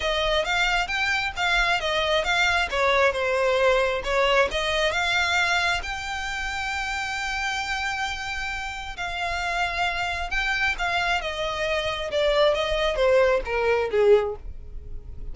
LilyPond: \new Staff \with { instrumentName = "violin" } { \time 4/4 \tempo 4 = 134 dis''4 f''4 g''4 f''4 | dis''4 f''4 cis''4 c''4~ | c''4 cis''4 dis''4 f''4~ | f''4 g''2.~ |
g''1 | f''2. g''4 | f''4 dis''2 d''4 | dis''4 c''4 ais'4 gis'4 | }